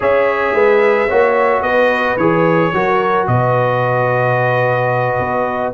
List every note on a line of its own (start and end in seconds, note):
0.00 0.53 C#4
0.00 1.08 G#4
0.00 0.53 C#5
0.00 1.62 E5
0.53 1.08 G#3
0.53 1.07 B4
1.07 1.61 A#3
1.07 2.18 F#4
1.07 1.62 C#5
1.61 2.16 B3
1.61 2.73 B4
1.61 2.16 D#5
2.17 2.71 E3
2.17 2.73 G#4
2.17 3.26 C#5
2.73 3.27 F#3
2.73 5.73 F#4
2.73 3.29 A#4
3.27 5.18 B2
3.27 5.73 B4
3.27 5.72 D#5
5.19 5.73 B3